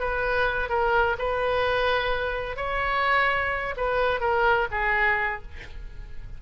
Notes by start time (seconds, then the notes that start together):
0.00 B4
0.70 A#4
1.19 B4
2.57 C#5
3.77 B4
4.21 A#4
4.72 G#4